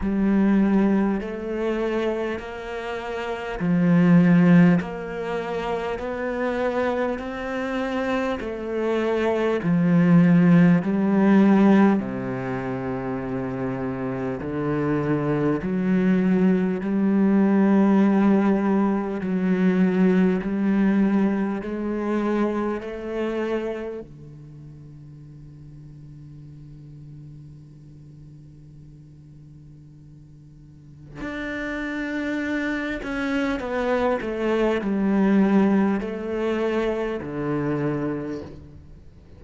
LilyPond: \new Staff \with { instrumentName = "cello" } { \time 4/4 \tempo 4 = 50 g4 a4 ais4 f4 | ais4 b4 c'4 a4 | f4 g4 c2 | d4 fis4 g2 |
fis4 g4 gis4 a4 | d1~ | d2 d'4. cis'8 | b8 a8 g4 a4 d4 | }